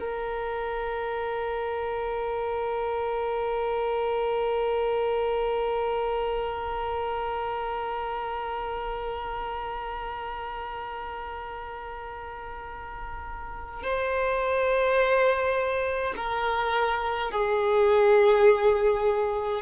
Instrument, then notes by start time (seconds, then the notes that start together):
violin
0.00 A#4
13.84 C5
16.16 A#4
17.31 G#4